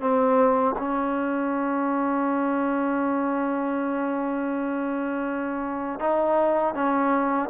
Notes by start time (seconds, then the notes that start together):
0.00 C4
0.78 C#4
5.99 D#4
6.74 C#4